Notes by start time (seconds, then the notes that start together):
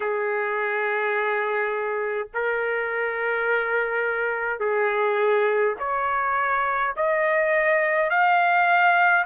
0.00 G#4
2.33 A#4
4.59 G#4
5.78 C#5
6.96 D#5
8.10 F5